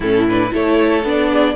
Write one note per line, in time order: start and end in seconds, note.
0.00 0.50 A2
0.00 0.28 C#4
0.00 0.51 E4
0.00 0.27 A4
0.27 0.50 D4
0.27 0.54 B4
0.50 1.03 A3
0.50 1.02 E4
0.50 1.31 A4
0.50 1.06 C#5
1.03 1.55 B3
1.03 1.55 D4
1.03 1.55 D5
1.31 1.55 G#4